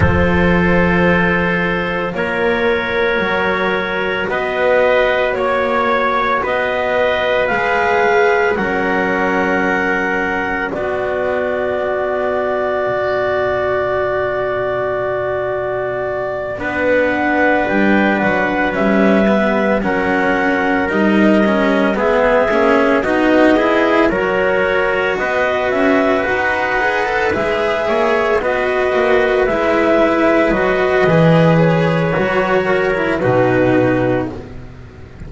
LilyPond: <<
  \new Staff \with { instrumentName = "clarinet" } { \time 4/4 \tempo 4 = 56 c''2 cis''2 | dis''4 cis''4 dis''4 f''4 | fis''2 d''2~ | d''2.~ d''8 fis''8~ |
fis''8 g''8 fis''8 e''4 fis''4 dis''8~ | dis''8 e''4 dis''4 cis''4 dis''8 | e''8 fis''4 e''4 dis''4 e''8~ | e''8 dis''4 cis''4. b'4 | }
  \new Staff \with { instrumentName = "trumpet" } { \time 4/4 a'2 ais'2 | b'4 cis''4 b'2 | ais'2 fis'2~ | fis'2.~ fis'8 b'8~ |
b'2~ b'8 ais'4.~ | ais'8 gis'4 fis'8 gis'8 ais'4 b'8~ | b'2 cis''8 b'4.~ | b'2~ b'8 ais'8 fis'4 | }
  \new Staff \with { instrumentName = "cello" } { \time 4/4 f'2. fis'4~ | fis'2. gis'4 | cis'2 b2~ | b2.~ b8 d'8~ |
d'4. cis'8 b8 cis'4 dis'8 | cis'8 b8 cis'8 dis'8 e'8 fis'4.~ | fis'4 gis'16 a'16 gis'4 fis'4 e'8~ | e'8 fis'8 gis'4 fis'8. e'16 dis'4 | }
  \new Staff \with { instrumentName = "double bass" } { \time 4/4 f2 ais4 fis4 | b4 ais4 b4 gis4 | fis2 b2 | b,2.~ b,8 b8~ |
b8 g8 fis8 g4 fis4 g8~ | g8 gis8 ais8 b4 fis4 b8 | cis'8 dis'4 gis8 ais8 b8 ais8 gis8~ | gis8 fis8 e4 fis4 b,4 | }
>>